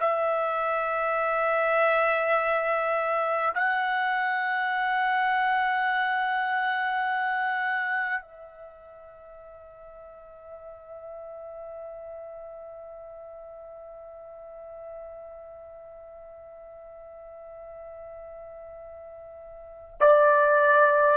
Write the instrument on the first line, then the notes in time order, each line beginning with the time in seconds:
trumpet
0.00 E5
3.55 F#5
8.22 E5
20.01 D5